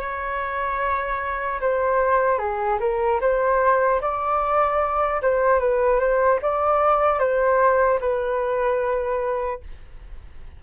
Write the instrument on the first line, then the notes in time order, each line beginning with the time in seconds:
flute
0.00 C#5
1.61 C5
2.38 G#4
2.80 A#4
3.21 C5
4.01 D5
5.22 C5
5.60 B4
6.00 C5
6.42 D5
7.19 C5
8.00 B4